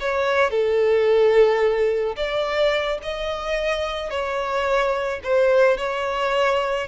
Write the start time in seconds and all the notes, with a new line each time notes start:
0.00 C#5
0.51 A4
2.17 D5
3.03 D#5
4.11 C#5
5.24 C5
5.78 C#5